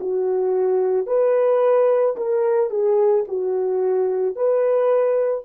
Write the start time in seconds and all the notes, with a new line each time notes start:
0.00 F#4
1.07 B4
2.17 A#4
2.70 G#4
3.28 F#4
4.36 B4